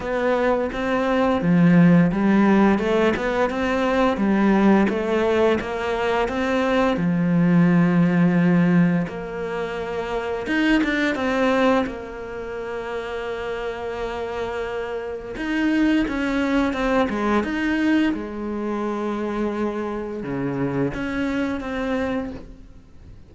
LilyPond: \new Staff \with { instrumentName = "cello" } { \time 4/4 \tempo 4 = 86 b4 c'4 f4 g4 | a8 b8 c'4 g4 a4 | ais4 c'4 f2~ | f4 ais2 dis'8 d'8 |
c'4 ais2.~ | ais2 dis'4 cis'4 | c'8 gis8 dis'4 gis2~ | gis4 cis4 cis'4 c'4 | }